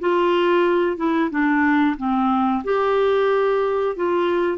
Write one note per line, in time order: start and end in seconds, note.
0.00 0.97 F4
0.97 1.30 E4
1.30 1.96 D4
1.97 2.63 C4
2.64 3.96 G4
3.96 4.58 F4